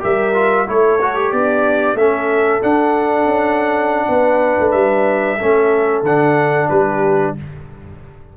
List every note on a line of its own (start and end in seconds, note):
0.00 0.68 G3
0.00 0.33 G4
0.00 0.67 A#4
0.00 0.69 E5
0.34 0.67 F4
0.67 1.32 A3
0.67 0.99 E4
0.67 1.34 A4
0.67 1.32 C#5
1.01 1.15 F#4
1.15 1.97 G4
1.32 1.95 B3
1.32 1.98 D4
1.32 1.97 D5
1.95 2.60 A3
1.95 2.62 C#4
1.95 4.09 A4
1.95 2.62 E5
2.62 5.39 D4
2.62 3.25 D4
2.62 4.71 F#5
3.25 4.07 C#4
4.09 4.57 B3
4.09 5.38 B4
4.59 4.73 A3
4.71 5.38 G3
4.71 6.02 E5
5.38 6.02 A3
5.38 6.04 C#4
5.38 6.68 A4
6.02 6.67 D3
6.02 7.37 D4
6.02 6.69 F#5
6.69 7.36 G3
6.69 7.35 G4
6.69 7.34 B4